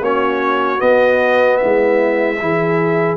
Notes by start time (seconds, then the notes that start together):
0.00 A#3 C#4 F#4 C#5
0.77 B3 D#5
1.57 E4 E5
1.63 G#3
2.40 E3 E4 G#4